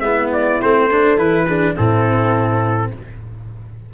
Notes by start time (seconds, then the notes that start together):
0.00 G#3 B3 E4 E5
0.33 D5
0.62 A3 C4 C5
0.91 D4 A4
1.18 E3 E4 B4
1.47 D4 G#4
1.75 A2 C4 E4 A4